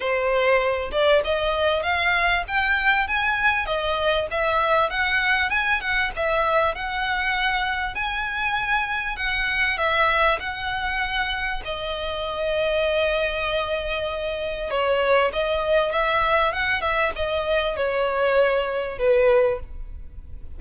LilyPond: \new Staff \with { instrumentName = "violin" } { \time 4/4 \tempo 4 = 98 c''4. d''8 dis''4 f''4 | g''4 gis''4 dis''4 e''4 | fis''4 gis''8 fis''8 e''4 fis''4~ | fis''4 gis''2 fis''4 |
e''4 fis''2 dis''4~ | dis''1 | cis''4 dis''4 e''4 fis''8 e''8 | dis''4 cis''2 b'4 | }